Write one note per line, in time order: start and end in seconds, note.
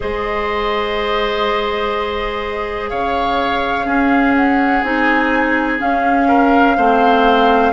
0.00 2.92 G#3
0.00 3.85 G#4
0.00 2.90 C5
0.00 2.89 D#5
2.89 3.85 C#3
2.89 3.85 C#5
2.89 4.34 F5
3.85 4.82 C#4
3.85 6.27 G#4
4.35 4.84 F#5
4.82 5.79 C4
4.82 5.78 D#4
4.82 5.80 G#5
5.78 6.75 C#4
5.78 6.77 C#4
5.78 7.72 F5
6.28 6.76 A#4
6.76 7.72 A3
6.76 7.72 C4
6.76 7.72 C5